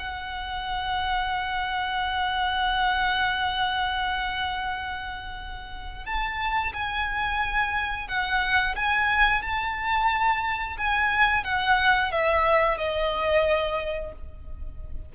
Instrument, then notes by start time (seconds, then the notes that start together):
violin
0.00 F#5
6.06 A5
6.74 G#5
8.08 F#5
8.76 G#5
9.42 A5
10.78 G#5
11.45 F#5
12.12 E5
12.78 D#5